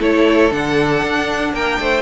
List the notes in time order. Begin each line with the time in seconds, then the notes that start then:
0.00 A3 E4 A4 C#5
0.51 D3 D4 F#5
1.03 D4
1.53 A#3 A#4 G5
1.80 A3 C5